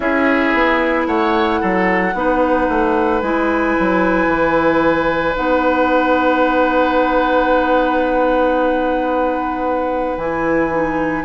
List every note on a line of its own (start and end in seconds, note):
0.00 0.53 C#4
0.00 2.12 E4
0.00 1.07 G#4
0.00 1.04 E5
0.53 1.06 B3
1.06 1.60 A3
1.06 1.60 C#5
1.06 3.20 F#5
1.60 2.14 F#3
1.60 2.14 A4
2.14 2.67 B3
2.14 3.22 D#4
2.14 11.24 B4
2.69 3.22 A3
3.21 3.75 G#3
3.21 5.34 E4
3.21 5.35 G#5
3.79 4.26 F#3
4.26 5.33 E3
5.34 10.17 B3
5.34 10.16 D#4
5.34 10.18 F#5
10.17 11.24 E3
10.17 10.70 E4
10.17 11.24 G#5
10.70 11.23 D#4